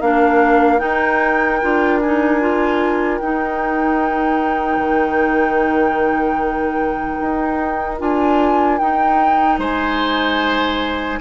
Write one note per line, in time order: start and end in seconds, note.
0.00 0.81 A#3
0.00 0.78 D4
0.00 9.59 A#4
0.00 0.79 F5
0.78 1.58 D#4
0.78 1.62 D#4
0.78 1.99 G5
1.62 3.21 D4
1.62 2.02 F4
2.01 2.40 D#4
2.01 3.17 G#5
2.40 3.20 F4
3.17 4.77 D#4
3.17 7.99 D#4
3.17 7.97 G5
4.77 7.17 D#3
7.21 8.00 D#4
7.99 8.80 D4
7.99 8.79 F4
7.99 8.78 G#5
8.78 9.59 D#4
8.78 11.20 D#4
8.78 9.58 G5
9.59 11.19 G#3
9.59 11.19 C5
9.59 11.20 G#5